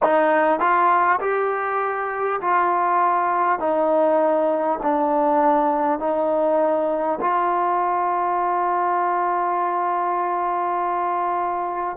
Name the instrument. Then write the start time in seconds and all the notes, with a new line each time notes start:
trombone
0.02 D#4
0.59 F4
1.20 G4
2.41 F4
3.59 D#4
4.82 D4
5.99 D#4
7.21 F4